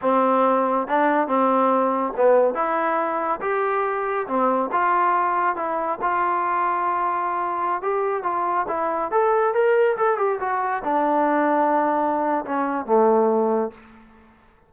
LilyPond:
\new Staff \with { instrumentName = "trombone" } { \time 4/4 \tempo 4 = 140 c'2 d'4 c'4~ | c'4 b4 e'2 | g'2 c'4 f'4~ | f'4 e'4 f'2~ |
f'2~ f'16 g'4 f'8.~ | f'16 e'4 a'4 ais'4 a'8 g'16~ | g'16 fis'4 d'2~ d'8.~ | d'4 cis'4 a2 | }